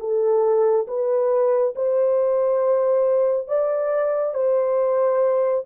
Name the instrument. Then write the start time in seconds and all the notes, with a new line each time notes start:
horn
0.00 A4
0.88 B4
1.75 C5
3.48 D5
4.34 C5